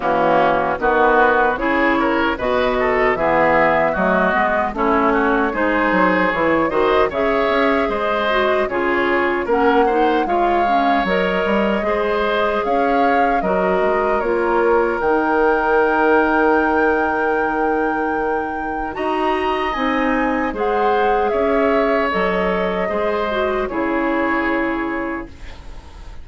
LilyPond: <<
  \new Staff \with { instrumentName = "flute" } { \time 4/4 \tempo 4 = 76 fis'4 b'4 cis''4 dis''4 | e''4 dis''4 cis''4 c''4 | cis''8 dis''8 e''4 dis''4 cis''4 | fis''4 f''4 dis''2 |
f''4 dis''4 cis''4 g''4~ | g''1 | ais''4 gis''4 fis''4 e''4 | dis''2 cis''2 | }
  \new Staff \with { instrumentName = "oboe" } { \time 4/4 cis'4 fis'4 gis'8 ais'8 b'8 a'8 | gis'4 fis'4 e'8 fis'8 gis'4~ | gis'8 c''8 cis''4 c''4 gis'4 | ais'8 c''8 cis''2 c''4 |
cis''4 ais'2.~ | ais'1 | dis''2 c''4 cis''4~ | cis''4 c''4 gis'2 | }
  \new Staff \with { instrumentName = "clarinet" } { \time 4/4 ais4 b4 e'4 fis'4 | b4 a8 b8 cis'4 dis'4 | e'8 fis'8 gis'4. fis'8 f'4 | cis'8 dis'8 f'8 cis'8 ais'4 gis'4~ |
gis'4 fis'4 f'4 dis'4~ | dis'1 | fis'4 dis'4 gis'2 | a'4 gis'8 fis'8 e'2 | }
  \new Staff \with { instrumentName = "bassoon" } { \time 4/4 e4 dis4 cis4 b,4 | e4 fis8 gis8 a4 gis8 fis8 | e8 dis8 cis8 cis'8 gis4 cis4 | ais4 gis4 fis8 g8 gis4 |
cis'4 fis8 gis8 ais4 dis4~ | dis1 | dis'4 c'4 gis4 cis'4 | fis4 gis4 cis2 | }
>>